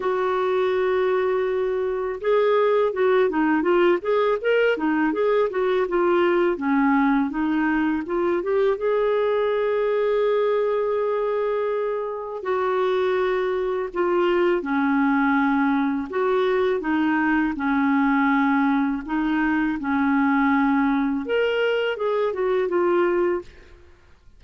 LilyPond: \new Staff \with { instrumentName = "clarinet" } { \time 4/4 \tempo 4 = 82 fis'2. gis'4 | fis'8 dis'8 f'8 gis'8 ais'8 dis'8 gis'8 fis'8 | f'4 cis'4 dis'4 f'8 g'8 | gis'1~ |
gis'4 fis'2 f'4 | cis'2 fis'4 dis'4 | cis'2 dis'4 cis'4~ | cis'4 ais'4 gis'8 fis'8 f'4 | }